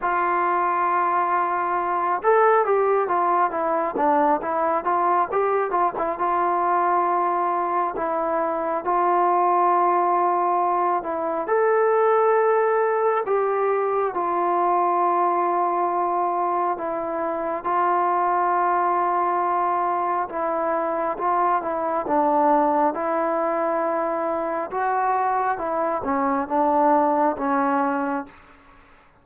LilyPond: \new Staff \with { instrumentName = "trombone" } { \time 4/4 \tempo 4 = 68 f'2~ f'8 a'8 g'8 f'8 | e'8 d'8 e'8 f'8 g'8 f'16 e'16 f'4~ | f'4 e'4 f'2~ | f'8 e'8 a'2 g'4 |
f'2. e'4 | f'2. e'4 | f'8 e'8 d'4 e'2 | fis'4 e'8 cis'8 d'4 cis'4 | }